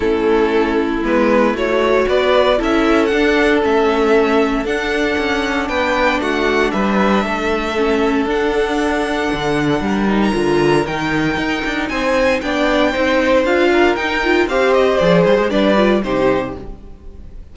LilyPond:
<<
  \new Staff \with { instrumentName = "violin" } { \time 4/4 \tempo 4 = 116 a'2 b'4 cis''4 | d''4 e''4 fis''4 e''4~ | e''4 fis''2 g''4 | fis''4 e''2. |
fis''2.~ fis''8. ais''16~ | ais''4 g''2 gis''4 | g''2 f''4 g''4 | f''8 dis''8 d''8 c''8 d''4 c''4 | }
  \new Staff \with { instrumentName = "violin" } { \time 4/4 e'1 | b'4 a'2.~ | a'2. b'4 | fis'4 b'4 a'2~ |
a'2. ais'4~ | ais'2. c''4 | d''4 c''4. ais'4. | c''2 b'4 g'4 | }
  \new Staff \with { instrumentName = "viola" } { \time 4/4 cis'2 b4 fis'4~ | fis'4 e'4 d'4 cis'4~ | cis'4 d'2.~ | d'2. cis'4 |
d'2.~ d'8 dis'8 | f'4 dis'2. | d'4 dis'4 f'4 dis'8 f'8 | g'4 gis'4 d'8 f'8 dis'4 | }
  \new Staff \with { instrumentName = "cello" } { \time 4/4 a2 gis4 a4 | b4 cis'4 d'4 a4~ | a4 d'4 cis'4 b4 | a4 g4 a2 |
d'2 d4 g4 | d4 dis4 dis'8 d'8 c'4 | b4 c'4 d'4 dis'4 | c'4 f8 g16 gis16 g4 c4 | }
>>